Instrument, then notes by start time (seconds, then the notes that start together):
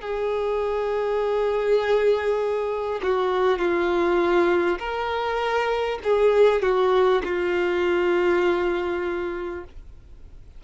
violin
0.00 G#4
3.03 F#4
3.58 F4
4.78 A#4
6.03 G#4
6.62 F#4
7.23 F4